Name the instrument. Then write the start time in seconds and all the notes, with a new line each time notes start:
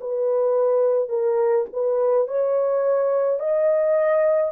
horn
0.00 B4
1.09 A#4
1.73 B4
2.27 C#5
3.40 D#5